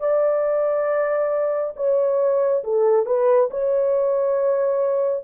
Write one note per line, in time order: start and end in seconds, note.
0.00 1.74 D5
1.77 2.64 C#5
2.64 3.06 A4
3.06 3.50 B4
3.51 5.25 C#5